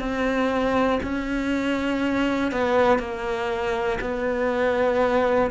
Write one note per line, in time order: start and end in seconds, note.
0.00 1.00 C4
1.03 2.51 C#4
2.51 2.99 B3
2.99 3.99 A#3
4.01 5.51 B3